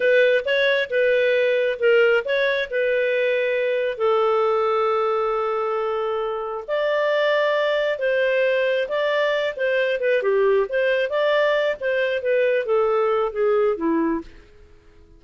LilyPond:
\new Staff \with { instrumentName = "clarinet" } { \time 4/4 \tempo 4 = 135 b'4 cis''4 b'2 | ais'4 cis''4 b'2~ | b'4 a'2.~ | a'2. d''4~ |
d''2 c''2 | d''4. c''4 b'8 g'4 | c''4 d''4. c''4 b'8~ | b'8 a'4. gis'4 e'4 | }